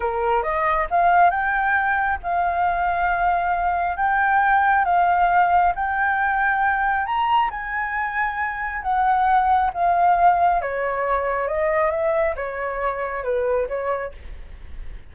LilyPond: \new Staff \with { instrumentName = "flute" } { \time 4/4 \tempo 4 = 136 ais'4 dis''4 f''4 g''4~ | g''4 f''2.~ | f''4 g''2 f''4~ | f''4 g''2. |
ais''4 gis''2. | fis''2 f''2 | cis''2 dis''4 e''4 | cis''2 b'4 cis''4 | }